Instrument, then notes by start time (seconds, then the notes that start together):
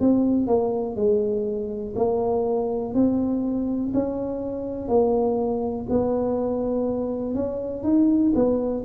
tuba
0.00 C4
0.46 A#3
0.95 G#3
1.95 A#3
2.94 C4
3.93 C#4
4.88 A#3
5.89 B3
7.34 C#4
7.83 D#4
8.34 B3